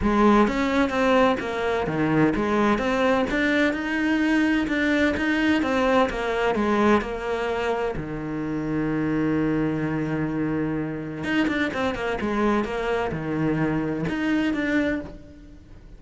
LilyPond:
\new Staff \with { instrumentName = "cello" } { \time 4/4 \tempo 4 = 128 gis4 cis'4 c'4 ais4 | dis4 gis4 c'4 d'4 | dis'2 d'4 dis'4 | c'4 ais4 gis4 ais4~ |
ais4 dis2.~ | dis1 | dis'8 d'8 c'8 ais8 gis4 ais4 | dis2 dis'4 d'4 | }